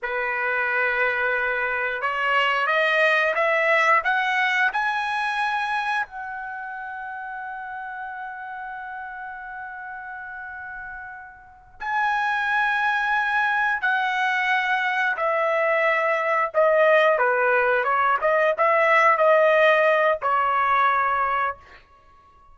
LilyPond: \new Staff \with { instrumentName = "trumpet" } { \time 4/4 \tempo 4 = 89 b'2. cis''4 | dis''4 e''4 fis''4 gis''4~ | gis''4 fis''2.~ | fis''1~ |
fis''4. gis''2~ gis''8~ | gis''8 fis''2 e''4.~ | e''8 dis''4 b'4 cis''8 dis''8 e''8~ | e''8 dis''4. cis''2 | }